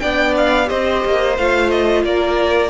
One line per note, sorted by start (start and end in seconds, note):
0.00 0.70 B3
0.00 0.66 D4
0.00 0.68 D5
0.00 0.34 G5
0.37 0.69 F5
0.66 1.04 C4
0.66 1.33 G4
0.66 2.03 C5
0.66 1.37 D#5
1.05 1.38 A#3
1.38 2.04 A3
1.38 2.70 F4
1.38 1.70 F5
1.70 2.04 D#5
2.04 2.70 A#3
2.04 2.70 A#4
2.04 2.70 D5